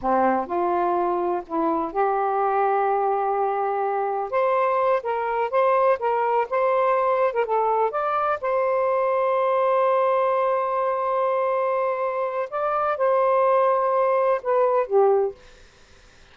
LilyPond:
\new Staff \with { instrumentName = "saxophone" } { \time 4/4 \tempo 4 = 125 c'4 f'2 e'4 | g'1~ | g'4 c''4. ais'4 c''8~ | c''8 ais'4 c''4.~ c''16 ais'16 a'8~ |
a'8 d''4 c''2~ c''8~ | c''1~ | c''2 d''4 c''4~ | c''2 b'4 g'4 | }